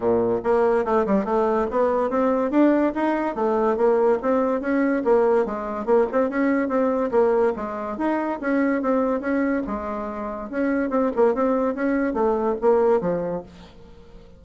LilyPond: \new Staff \with { instrumentName = "bassoon" } { \time 4/4 \tempo 4 = 143 ais,4 ais4 a8 g8 a4 | b4 c'4 d'4 dis'4 | a4 ais4 c'4 cis'4 | ais4 gis4 ais8 c'8 cis'4 |
c'4 ais4 gis4 dis'4 | cis'4 c'4 cis'4 gis4~ | gis4 cis'4 c'8 ais8 c'4 | cis'4 a4 ais4 f4 | }